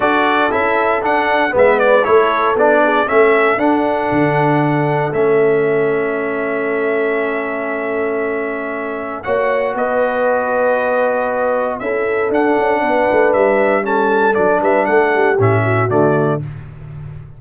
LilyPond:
<<
  \new Staff \with { instrumentName = "trumpet" } { \time 4/4 \tempo 4 = 117 d''4 e''4 fis''4 e''8 d''8 | cis''4 d''4 e''4 fis''4~ | fis''2 e''2~ | e''1~ |
e''2 fis''4 dis''4~ | dis''2. e''4 | fis''2 e''4 a''4 | d''8 e''8 fis''4 e''4 d''4 | }
  \new Staff \with { instrumentName = "horn" } { \time 4/4 a'2. b'4 | a'4. gis'8 a'2~ | a'1~ | a'1~ |
a'2 cis''4 b'4~ | b'2. a'4~ | a'4 b'2 a'4~ | a'8 b'8 a'8 g'4 fis'4. | }
  \new Staff \with { instrumentName = "trombone" } { \time 4/4 fis'4 e'4 d'4 b4 | e'4 d'4 cis'4 d'4~ | d'2 cis'2~ | cis'1~ |
cis'2 fis'2~ | fis'2. e'4 | d'2. cis'4 | d'2 cis'4 a4 | }
  \new Staff \with { instrumentName = "tuba" } { \time 4/4 d'4 cis'4 d'4 gis4 | a4 b4 a4 d'4 | d2 a2~ | a1~ |
a2 ais4 b4~ | b2. cis'4 | d'8 cis'8 b8 a8 g2 | fis8 g8 a4 a,4 d4 | }
>>